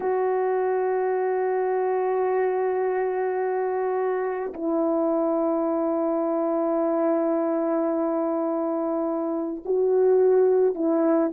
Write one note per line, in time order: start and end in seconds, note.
0.00 4.53 F#4
4.53 9.63 E4
9.65 10.74 F#4
10.74 11.31 E4